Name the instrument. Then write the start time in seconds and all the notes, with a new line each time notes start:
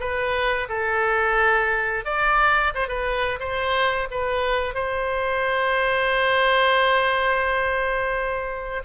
oboe
0.00 B4
0.69 A4
2.05 D5
2.75 C5
2.88 B4
3.40 C5
4.11 B4
4.74 C5